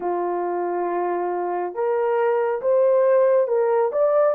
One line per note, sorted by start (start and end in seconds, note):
0.00 1.74 F4
1.74 2.61 A#4
2.61 3.47 C5
3.47 3.91 A#4
3.92 4.35 D5